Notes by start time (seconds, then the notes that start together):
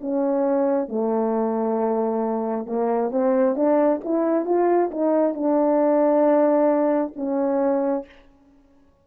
0.00 C#4
0.88 A3
2.66 A#3
3.11 C4
3.55 D4
4.04 E4
4.45 F4
4.91 D#4
5.34 D4
7.15 C#4